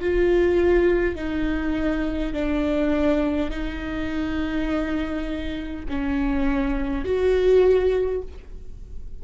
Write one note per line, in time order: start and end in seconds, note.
0.00 1.16 F4
1.16 2.33 D#4
2.33 3.50 D4
3.50 5.85 D#4
5.89 7.04 C#4
7.04 8.22 F#4